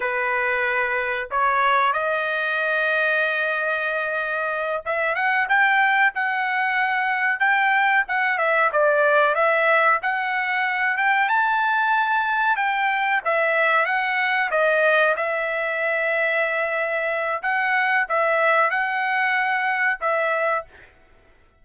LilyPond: \new Staff \with { instrumentName = "trumpet" } { \time 4/4 \tempo 4 = 93 b'2 cis''4 dis''4~ | dis''2.~ dis''8 e''8 | fis''8 g''4 fis''2 g''8~ | g''8 fis''8 e''8 d''4 e''4 fis''8~ |
fis''4 g''8 a''2 g''8~ | g''8 e''4 fis''4 dis''4 e''8~ | e''2. fis''4 | e''4 fis''2 e''4 | }